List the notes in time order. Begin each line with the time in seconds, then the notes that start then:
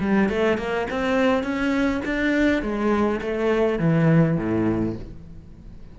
0.00 G3
0.29 A3
0.57 A#3
0.90 C4
1.43 C#4
2.04 D4
2.62 G#3
3.21 A3
3.79 E3
4.37 A2